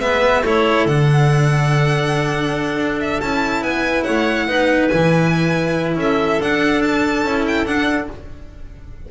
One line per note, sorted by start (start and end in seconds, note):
0.00 0.43 G#3
0.00 0.43 B3
0.00 0.43 B4
0.00 0.43 E5
0.43 0.85 A3
0.43 0.88 E4
0.43 3.62 A4
0.43 0.87 C#5
0.85 2.76 D3
0.85 3.22 D4
0.85 2.99 F#5
2.76 3.18 D4
3.00 3.21 E5
3.21 3.62 C#4
3.21 4.48 E4
3.21 3.63 A5
3.62 4.04 B3
3.62 4.04 B4
3.62 4.03 G#5
4.03 4.48 A3
4.03 4.46 C#5
4.03 4.88 F#5
4.48 4.90 B3
4.48 4.91 D#4
4.48 5.96 B4
4.88 5.95 E3
4.88 6.40 E4
4.88 5.94 G#5
5.95 6.38 C#4
5.95 8.11 A4
5.95 6.41 E5
6.40 7.25 D4
6.40 7.22 D4
6.40 6.82 F#5
6.82 7.45 A5
7.22 7.65 C#4
7.22 7.66 E4
7.47 7.66 G5
7.66 8.08 D4
7.66 8.09 D4
7.66 8.08 F#5